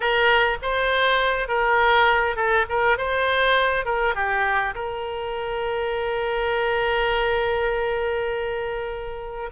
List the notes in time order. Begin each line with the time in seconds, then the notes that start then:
0.00 A#4
0.62 C5
1.48 A#4
2.36 A4
2.69 A#4
2.97 C5
3.85 A#4
4.14 G4
4.74 A#4